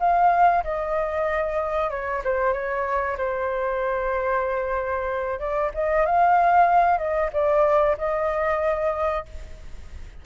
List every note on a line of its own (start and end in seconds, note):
0.00 0.64 F5
0.64 1.91 D#5
1.91 2.23 C#5
2.25 2.53 C5
2.53 3.17 C#5
3.18 5.40 C5
5.40 5.72 D5
5.75 6.06 D#5
6.06 6.99 F5
6.99 7.31 D#5
7.33 7.97 D5
7.98 9.26 D#5